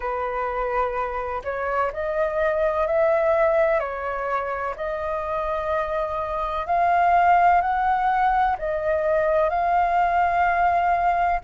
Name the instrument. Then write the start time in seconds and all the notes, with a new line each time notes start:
flute
0.00 B4
1.44 C#5
1.92 D#5
2.87 E5
3.79 C#5
4.76 D#5
6.66 F5
7.61 F#5
8.58 D#5
9.49 F5